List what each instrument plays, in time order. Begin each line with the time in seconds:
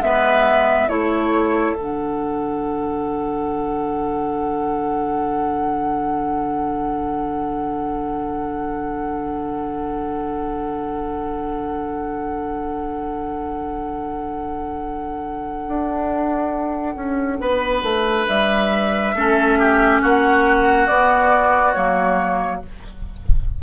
0.00 bassoon G#3, clarinet B3, oboe B4, flute E5
0.89 bassoon A3, clarinet E4, oboe A4, flute C#5
1.75 bassoon D3, clarinet D4, flute F#5
15.68 bassoon D4
16.96 bassoon C#4
17.41 bassoon B3, oboe B4
17.83 bassoon A3
18.28 bassoon G3, flute E5
19.15 bassoon A3, clarinet C#4, oboe A4
19.59 oboe G4
20.02 bassoon A#3, oboe F#4, flute F#5
20.87 bassoon B3, clarinet B3, flute D5
21.73 bassoon F#3, clarinet A#3, flute C#5